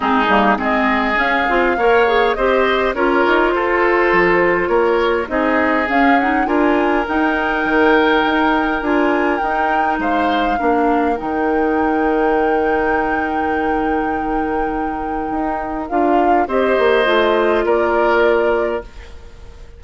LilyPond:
<<
  \new Staff \with { instrumentName = "flute" } { \time 4/4 \tempo 4 = 102 gis'4 dis''4 f''2 | dis''4 cis''4 c''2 | cis''4 dis''4 f''8 fis''8 gis''4 | g''2. gis''4 |
g''4 f''2 g''4~ | g''1~ | g''2. f''4 | dis''2 d''2 | }
  \new Staff \with { instrumentName = "oboe" } { \time 4/4 dis'4 gis'2 cis''4 | c''4 ais'4 a'2 | ais'4 gis'2 ais'4~ | ais'1~ |
ais'4 c''4 ais'2~ | ais'1~ | ais'1 | c''2 ais'2 | }
  \new Staff \with { instrumentName = "clarinet" } { \time 4/4 c'8 ais8 c'4 cis'8 f'8 ais'8 gis'8 | g'4 f'2.~ | f'4 dis'4 cis'8 dis'8 f'4 | dis'2. f'4 |
dis'2 d'4 dis'4~ | dis'1~ | dis'2. f'4 | g'4 f'2. | }
  \new Staff \with { instrumentName = "bassoon" } { \time 4/4 gis8 g8 gis4 cis'8 c'8 ais4 | c'4 cis'8 dis'8 f'4 f4 | ais4 c'4 cis'4 d'4 | dis'4 dis4 dis'4 d'4 |
dis'4 gis4 ais4 dis4~ | dis1~ | dis2 dis'4 d'4 | c'8 ais8 a4 ais2 | }
>>